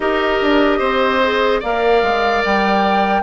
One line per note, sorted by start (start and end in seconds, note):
0.00 0.39 D#4
0.00 1.21 G4
0.00 0.79 A#4
0.00 1.62 D#5
0.41 0.80 D4
0.79 1.61 C4
0.79 1.59 C5
1.23 1.62 G#4
1.59 2.02 A#3
1.59 3.22 A#4
1.59 3.22 D5
1.59 2.44 F5
2.02 2.43 G#3
2.44 3.22 G3
2.44 3.22 G5